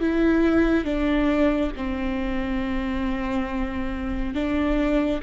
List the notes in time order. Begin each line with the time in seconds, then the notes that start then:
0.00 E4
0.84 D4
1.76 C4
4.34 D4